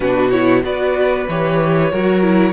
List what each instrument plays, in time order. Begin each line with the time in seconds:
0.00 cello B2, viola D4, violin F#4 B4
0.30 viola E4, violin C#5
0.62 cello B3, viola F#4, violin B4 D5
1.28 cello E3, viola G4, violin C#5
1.91 cello F#3, viola F#4, violin A#4
2.22 viola E4